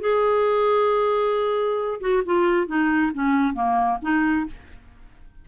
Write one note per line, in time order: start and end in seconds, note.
0.00 2.00 G#4
2.00 2.22 F#4
2.25 2.67 F4
2.67 3.11 D#4
3.13 3.54 C#4
3.54 3.98 A#3
4.02 4.46 D#4